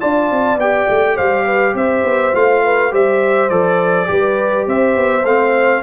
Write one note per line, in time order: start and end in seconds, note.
0.00 0.31 D4
0.00 0.59 F4
0.00 1.16 D5
0.00 0.59 A5
0.31 0.57 C4
0.57 0.86 B3
0.57 2.33 G4
0.57 1.17 G5
0.89 1.19 A3
1.16 1.75 G3
1.16 1.45 C5
1.16 1.75 F5
1.45 1.74 B4
1.75 2.04 C4
1.75 2.64 C5
1.75 2.35 E5
2.04 2.33 B3
2.33 2.93 A3
2.33 2.91 F4
2.33 2.94 F5
2.64 2.92 B4
2.91 3.51 G3
2.91 3.50 G4
2.91 4.09 C5
2.91 3.50 E5
3.50 4.09 F3
3.50 4.06 A4
3.50 4.66 D5
4.06 4.67 G3
4.06 5.22 G4
4.06 4.68 B4
4.67 4.96 C4
4.67 5.83 C5
4.67 5.26 E5
4.96 5.24 B3
5.24 5.82 A3
5.24 5.83 C4
5.24 5.83 F5